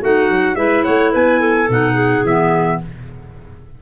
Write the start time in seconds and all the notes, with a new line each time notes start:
0.00 A3 D#4 F#4 F#5
0.29 F#3
0.55 G#3 E4 B4 E5
0.84 A3 C#5 F#5
1.12 B3 B4 G#5
1.40 A4
1.69 B2 D#4 F#5
1.93 G#4
2.23 E3 B3 E5